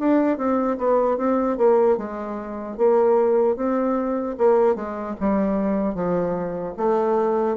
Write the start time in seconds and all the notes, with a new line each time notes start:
0.00 D4
0.38 C4
0.78 B3
1.18 C4
1.58 A#3
1.98 G#3
2.78 A#3
3.56 C4
4.38 A#3
4.76 G#3
5.21 G3
5.95 F3
6.77 A3